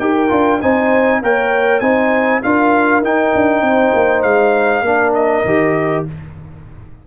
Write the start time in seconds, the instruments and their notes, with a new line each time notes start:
0.00 tuba D#4, trombone G4, horn A#4, trumpet G5
0.29 tuba D4, trombone F4
0.61 tuba C4, trombone D#4, horn C5, trumpet G#5
1.22 tuba A#3, trombone A#4, horn C#5, trumpet G5
1.80 tuba C4, trombone D#4, horn C5, trumpet G#5
2.43 tuba D4, trombone F4, horn A#4, trumpet F5
3.02 tuba D#4, trombone D#4, trumpet G5
3.35 tuba D4
3.62 tuba C4, horn C5
3.95 tuba A#3
4.22 tuba G#3, trumpet F5
4.82 tuba A#3, trombone D4, horn A#4
5.14 trumpet D#5
5.45 tuba D#3, trombone G4